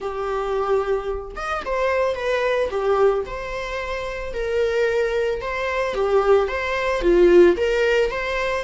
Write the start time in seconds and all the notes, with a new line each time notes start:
0.00 G4
1.35 D#5
1.65 C5
2.15 B4
2.70 G4
3.26 C5
4.33 A#4
5.41 C5
5.94 G4
6.47 C5
7.01 F4
7.57 A#4
8.11 C5